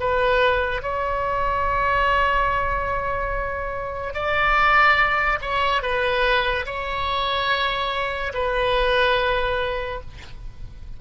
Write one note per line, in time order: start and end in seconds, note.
0.00 0.83 B4
0.83 4.14 C#5
4.14 5.39 D5
5.42 5.83 C#5
5.83 6.66 B4
6.66 8.33 C#5
8.34 10.01 B4